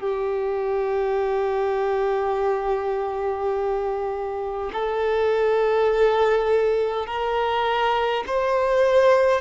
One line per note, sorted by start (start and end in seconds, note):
0.00 4.71 G4
4.73 7.06 A4
7.06 8.24 A#4
8.27 9.41 C5